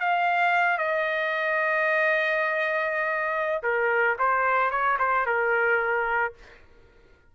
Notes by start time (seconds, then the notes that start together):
0.00 F5
0.78 D#5
3.63 A#4
4.18 C5
4.71 C#5
4.99 C5
5.26 A#4